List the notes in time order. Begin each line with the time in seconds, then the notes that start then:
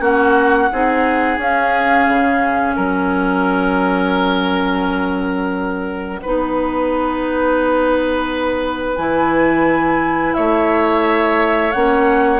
0.00 A#3 C#4 F#4 F#5
0.72 C4 D#4 G#4
1.37 C#4 F5
2.08 C#3
2.75 F#3 A#4 F#5
6.22 B3 D#4 B4
8.96 E3 E4 G#5
10.33 A3 C#5 E5
11.72 A#3 C#4 F#5